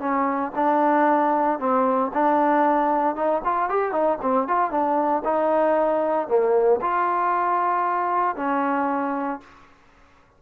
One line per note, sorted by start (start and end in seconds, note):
0.00 0.52 C#4
0.55 1.59 D4
1.59 2.12 C4
2.14 3.16 D4
3.16 3.42 D#4
3.45 3.69 F4
3.69 3.92 G4
3.92 4.18 D#4
4.22 4.48 C4
4.48 4.71 F4
4.71 5.23 D4
5.25 6.28 D#4
6.28 6.80 A#3
6.82 8.36 F4
8.36 9.41 C#4